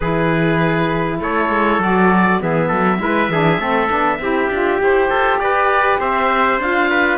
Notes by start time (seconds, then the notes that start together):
0.00 E3 E4 G#4 B4
1.19 A3 A4 C#5
1.49 G#3
1.79 F#3 F#4 D5
2.40 E3 B3 G#4 E5
2.68 F#3 A4
2.98 G#3 E4 B4
3.28 E3 D4 G#4
3.58 A3 C4 A4
3.88 B3 D4
4.19 C4 E4 G4
4.49 D4 F4
4.79 E4 G4 C5
5.09 F4 A4
5.38 G4 B4 D5
5.99 C4 C5 E5
6.58 D4 F4 F5
6.90 B4